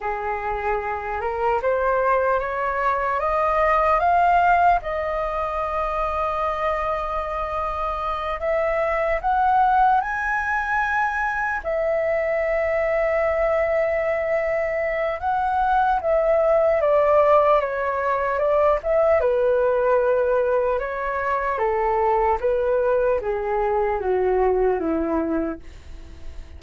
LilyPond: \new Staff \with { instrumentName = "flute" } { \time 4/4 \tempo 4 = 75 gis'4. ais'8 c''4 cis''4 | dis''4 f''4 dis''2~ | dis''2~ dis''8 e''4 fis''8~ | fis''8 gis''2 e''4.~ |
e''2. fis''4 | e''4 d''4 cis''4 d''8 e''8 | b'2 cis''4 a'4 | b'4 gis'4 fis'4 e'4 | }